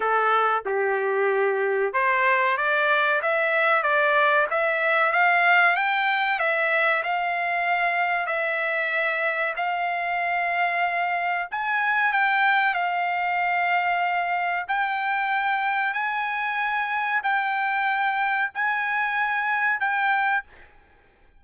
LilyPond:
\new Staff \with { instrumentName = "trumpet" } { \time 4/4 \tempo 4 = 94 a'4 g'2 c''4 | d''4 e''4 d''4 e''4 | f''4 g''4 e''4 f''4~ | f''4 e''2 f''4~ |
f''2 gis''4 g''4 | f''2. g''4~ | g''4 gis''2 g''4~ | g''4 gis''2 g''4 | }